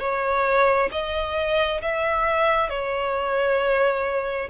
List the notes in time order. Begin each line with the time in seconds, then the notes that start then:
0.00 C#5
0.92 D#5
1.82 E5
2.69 C#5